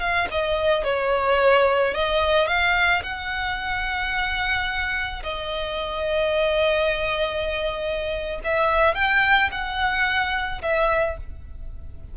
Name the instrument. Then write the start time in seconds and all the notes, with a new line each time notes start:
violin
0.00 F5
0.31 D#5
0.84 C#5
1.94 D#5
2.47 F5
3.03 F#5
5.23 D#5
8.44 E5
8.95 G5
9.52 F#5
10.62 E5